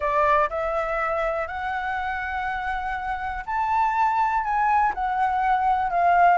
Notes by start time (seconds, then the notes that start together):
0.00 D5
0.49 E5
1.47 F#5
3.46 A5
4.43 G#5
4.94 F#5
5.90 F5